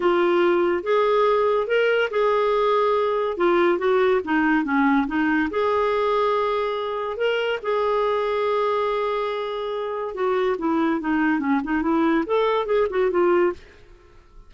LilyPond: \new Staff \with { instrumentName = "clarinet" } { \time 4/4 \tempo 4 = 142 f'2 gis'2 | ais'4 gis'2. | f'4 fis'4 dis'4 cis'4 | dis'4 gis'2.~ |
gis'4 ais'4 gis'2~ | gis'1 | fis'4 e'4 dis'4 cis'8 dis'8 | e'4 a'4 gis'8 fis'8 f'4 | }